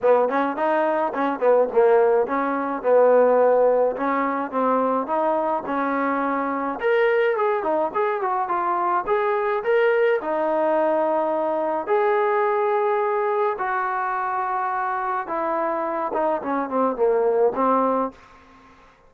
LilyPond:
\new Staff \with { instrumentName = "trombone" } { \time 4/4 \tempo 4 = 106 b8 cis'8 dis'4 cis'8 b8 ais4 | cis'4 b2 cis'4 | c'4 dis'4 cis'2 | ais'4 gis'8 dis'8 gis'8 fis'8 f'4 |
gis'4 ais'4 dis'2~ | dis'4 gis'2. | fis'2. e'4~ | e'8 dis'8 cis'8 c'8 ais4 c'4 | }